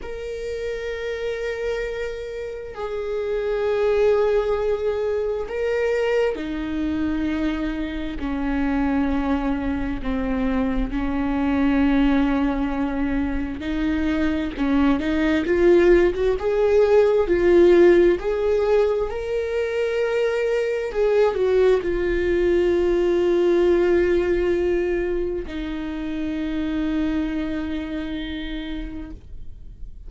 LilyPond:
\new Staff \with { instrumentName = "viola" } { \time 4/4 \tempo 4 = 66 ais'2. gis'4~ | gis'2 ais'4 dis'4~ | dis'4 cis'2 c'4 | cis'2. dis'4 |
cis'8 dis'8 f'8. fis'16 gis'4 f'4 | gis'4 ais'2 gis'8 fis'8 | f'1 | dis'1 | }